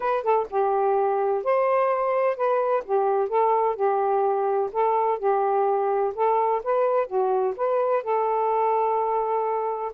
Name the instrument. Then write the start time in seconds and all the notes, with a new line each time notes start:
saxophone
0.00 B4
0.23 A4
0.50 G4
1.43 C5
2.36 B4
2.84 G4
3.28 A4
3.75 G4
4.72 A4
5.18 G4
6.14 A4
6.63 B4
7.06 F#4
7.56 B4
8.03 A4